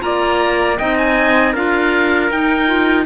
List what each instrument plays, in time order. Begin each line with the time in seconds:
0.00 cello A#3, clarinet F4, trumpet D5, oboe A#5
0.78 cello C4, clarinet D#4, trumpet D#5, oboe G5
0.97 oboe G#5
1.53 cello D4, clarinet F4, trumpet A#4, oboe F5
2.30 cello D#4, clarinet D#4, oboe G5
2.66 clarinet F4